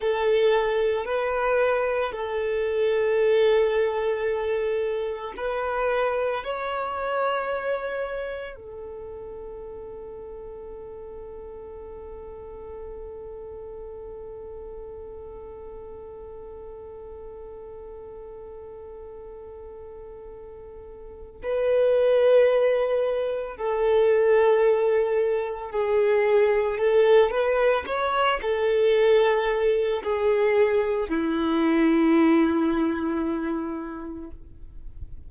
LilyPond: \new Staff \with { instrumentName = "violin" } { \time 4/4 \tempo 4 = 56 a'4 b'4 a'2~ | a'4 b'4 cis''2 | a'1~ | a'1~ |
a'1 | b'2 a'2 | gis'4 a'8 b'8 cis''8 a'4. | gis'4 e'2. | }